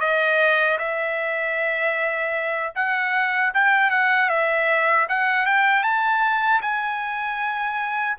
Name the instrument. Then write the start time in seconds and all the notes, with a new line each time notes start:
trumpet
0.00 D#5
0.78 E5
2.75 F#5
3.54 G5
3.91 F#5
4.29 E5
5.09 F#5
5.46 G5
5.83 A5
6.62 G#5